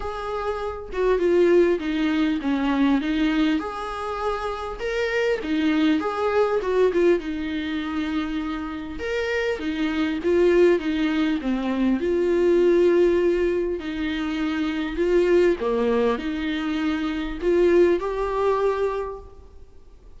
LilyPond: \new Staff \with { instrumentName = "viola" } { \time 4/4 \tempo 4 = 100 gis'4. fis'8 f'4 dis'4 | cis'4 dis'4 gis'2 | ais'4 dis'4 gis'4 fis'8 f'8 | dis'2. ais'4 |
dis'4 f'4 dis'4 c'4 | f'2. dis'4~ | dis'4 f'4 ais4 dis'4~ | dis'4 f'4 g'2 | }